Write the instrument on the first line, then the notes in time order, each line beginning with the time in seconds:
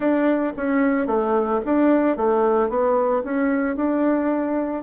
bassoon
0.00 D4
0.56 C#4
1.06 A3
1.65 D4
2.16 A3
2.69 B3
3.24 C#4
3.75 D4